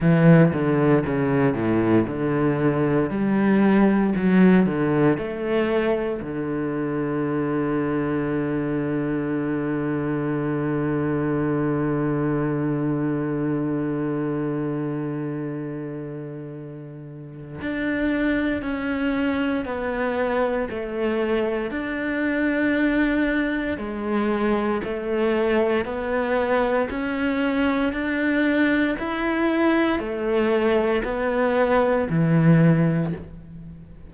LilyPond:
\new Staff \with { instrumentName = "cello" } { \time 4/4 \tempo 4 = 58 e8 d8 cis8 a,8 d4 g4 | fis8 d8 a4 d2~ | d1~ | d1~ |
d4 d'4 cis'4 b4 | a4 d'2 gis4 | a4 b4 cis'4 d'4 | e'4 a4 b4 e4 | }